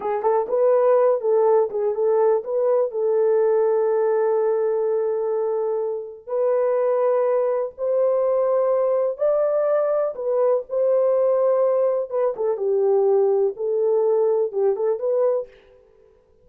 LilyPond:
\new Staff \with { instrumentName = "horn" } { \time 4/4 \tempo 4 = 124 gis'8 a'8 b'4. a'4 gis'8 | a'4 b'4 a'2~ | a'1~ | a'4 b'2. |
c''2. d''4~ | d''4 b'4 c''2~ | c''4 b'8 a'8 g'2 | a'2 g'8 a'8 b'4 | }